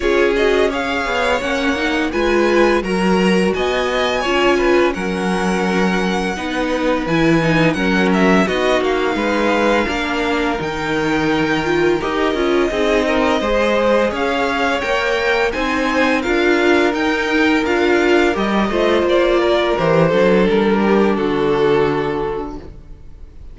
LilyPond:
<<
  \new Staff \with { instrumentName = "violin" } { \time 4/4 \tempo 4 = 85 cis''8 dis''8 f''4 fis''4 gis''4 | ais''4 gis''2 fis''4~ | fis''2 gis''4 fis''8 e''8 | dis''8 f''2~ f''8 g''4~ |
g''4 dis''2. | f''4 g''4 gis''4 f''4 | g''4 f''4 dis''4 d''4 | c''4 ais'4 a'2 | }
  \new Staff \with { instrumentName = "violin" } { \time 4/4 gis'4 cis''2 b'4 | ais'4 dis''4 cis''8 b'8 ais'4~ | ais'4 b'2 ais'4 | fis'4 b'4 ais'2~ |
ais'2 gis'8 ais'8 c''4 | cis''2 c''4 ais'4~ | ais'2~ ais'8 c''4 ais'8~ | ais'8 a'4 g'8 fis'2 | }
  \new Staff \with { instrumentName = "viola" } { \time 4/4 f'8 fis'8 gis'4 cis'8 dis'8 f'4 | fis'2 f'4 cis'4~ | cis'4 dis'4 e'8 dis'8 cis'4 | dis'2 d'4 dis'4~ |
dis'8 f'8 g'8 f'8 dis'4 gis'4~ | gis'4 ais'4 dis'4 f'4 | dis'4 f'4 g'8 f'4. | g'8 d'2.~ d'8 | }
  \new Staff \with { instrumentName = "cello" } { \time 4/4 cis'4. b8 ais4 gis4 | fis4 b4 cis'4 fis4~ | fis4 b4 e4 fis4 | b8 ais8 gis4 ais4 dis4~ |
dis4 dis'8 cis'8 c'4 gis4 | cis'4 ais4 c'4 d'4 | dis'4 d'4 g8 a8 ais4 | e8 fis8 g4 d2 | }
>>